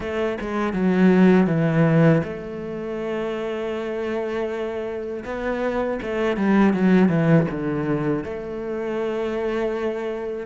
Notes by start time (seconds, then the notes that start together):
0.00 A3
0.40 G#3
0.73 F#3
1.47 E3
2.24 A3
5.24 B3
6.02 A3
6.36 G3
6.73 F#3
7.09 E3
7.50 D3
8.23 A3